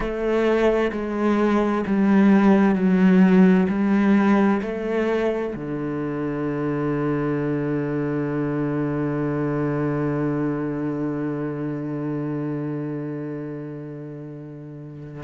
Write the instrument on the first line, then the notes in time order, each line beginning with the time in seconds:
cello
0.00 A3
0.92 G#3
1.86 G3
2.74 F#3
3.68 G3
4.62 A3
5.55 D3